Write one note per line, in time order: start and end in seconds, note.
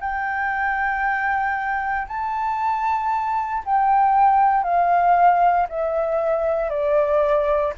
0.00 2.07 G5
2.07 3.63 A5
3.65 4.63 G5
4.63 5.67 F5
5.69 6.70 E5
6.70 7.73 D5